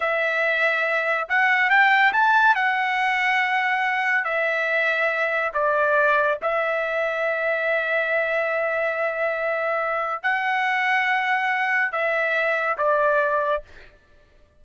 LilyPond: \new Staff \with { instrumentName = "trumpet" } { \time 4/4 \tempo 4 = 141 e''2. fis''4 | g''4 a''4 fis''2~ | fis''2 e''2~ | e''4 d''2 e''4~ |
e''1~ | e''1 | fis''1 | e''2 d''2 | }